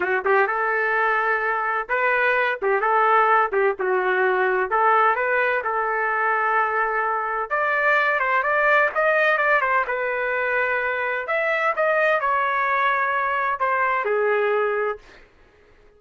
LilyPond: \new Staff \with { instrumentName = "trumpet" } { \time 4/4 \tempo 4 = 128 fis'8 g'8 a'2. | b'4. g'8 a'4. g'8 | fis'2 a'4 b'4 | a'1 |
d''4. c''8 d''4 dis''4 | d''8 c''8 b'2. | e''4 dis''4 cis''2~ | cis''4 c''4 gis'2 | }